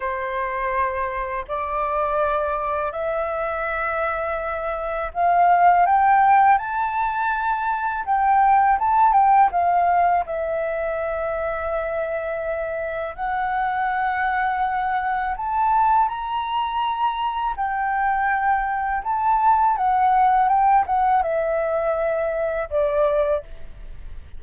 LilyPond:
\new Staff \with { instrumentName = "flute" } { \time 4/4 \tempo 4 = 82 c''2 d''2 | e''2. f''4 | g''4 a''2 g''4 | a''8 g''8 f''4 e''2~ |
e''2 fis''2~ | fis''4 a''4 ais''2 | g''2 a''4 fis''4 | g''8 fis''8 e''2 d''4 | }